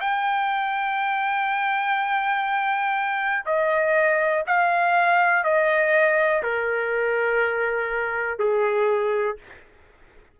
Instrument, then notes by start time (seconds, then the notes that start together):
trumpet
0.00 G5
3.45 D#5
4.47 F5
5.44 D#5
6.42 A#4
8.39 G#4